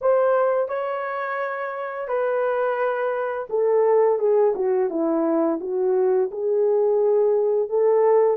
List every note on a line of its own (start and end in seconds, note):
0.01 0.68 C5
0.68 2.07 C#5
2.07 3.47 B4
3.49 4.18 A4
4.18 4.53 G#4
4.55 4.90 F#4
4.90 5.59 E4
5.60 6.30 F#4
6.31 7.69 G#4
7.69 8.37 A4